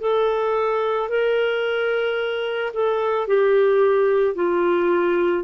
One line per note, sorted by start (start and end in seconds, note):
0.00 1.09 A4
1.09 2.72 A#4
2.73 3.27 A4
3.27 4.35 G4
4.35 5.43 F4